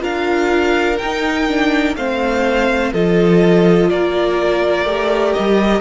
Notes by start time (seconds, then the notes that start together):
0.00 D4 F4 A#4 F5
0.98 D#4 G5
1.48 D4
1.95 A3 C4 C5 F5
2.92 F3 F4 A4 D#5
3.90 A#3 A#4 D5
4.85 A3 G4
5.33 G3 D#5